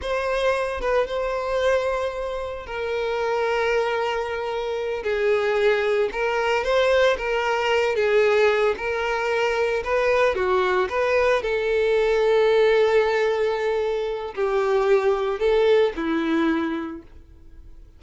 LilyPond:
\new Staff \with { instrumentName = "violin" } { \time 4/4 \tempo 4 = 113 c''4. b'8 c''2~ | c''4 ais'2.~ | ais'4. gis'2 ais'8~ | ais'8 c''4 ais'4. gis'4~ |
gis'8 ais'2 b'4 fis'8~ | fis'8 b'4 a'2~ a'8~ | a'2. g'4~ | g'4 a'4 e'2 | }